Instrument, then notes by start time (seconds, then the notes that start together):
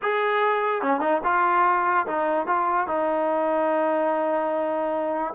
trombone
0.02 G#4
0.82 C#4
1.00 D#4
1.24 F4
2.07 D#4
2.47 F4
2.87 D#4